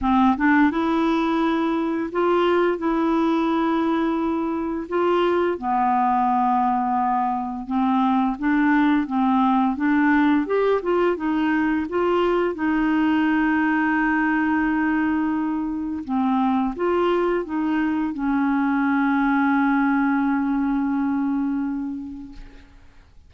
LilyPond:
\new Staff \with { instrumentName = "clarinet" } { \time 4/4 \tempo 4 = 86 c'8 d'8 e'2 f'4 | e'2. f'4 | b2. c'4 | d'4 c'4 d'4 g'8 f'8 |
dis'4 f'4 dis'2~ | dis'2. c'4 | f'4 dis'4 cis'2~ | cis'1 | }